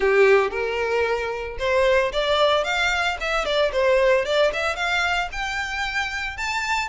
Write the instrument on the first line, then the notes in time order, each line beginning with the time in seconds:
violin
0.00 G4
0.50 A#4
1.58 C5
2.12 D5
2.64 F5
3.20 E5
3.45 D5
3.72 C5
4.25 D5
4.53 E5
4.75 F5
5.32 G5
6.37 A5